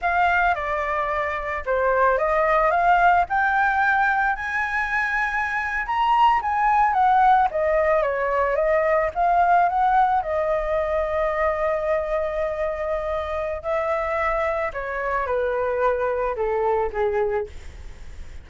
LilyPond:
\new Staff \with { instrumentName = "flute" } { \time 4/4 \tempo 4 = 110 f''4 d''2 c''4 | dis''4 f''4 g''2 | gis''2~ gis''8. ais''4 gis''16~ | gis''8. fis''4 dis''4 cis''4 dis''16~ |
dis''8. f''4 fis''4 dis''4~ dis''16~ | dis''1~ | dis''4 e''2 cis''4 | b'2 a'4 gis'4 | }